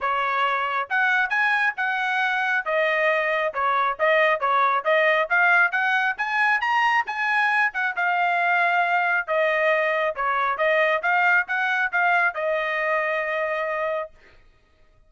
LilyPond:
\new Staff \with { instrumentName = "trumpet" } { \time 4/4 \tempo 4 = 136 cis''2 fis''4 gis''4 | fis''2 dis''2 | cis''4 dis''4 cis''4 dis''4 | f''4 fis''4 gis''4 ais''4 |
gis''4. fis''8 f''2~ | f''4 dis''2 cis''4 | dis''4 f''4 fis''4 f''4 | dis''1 | }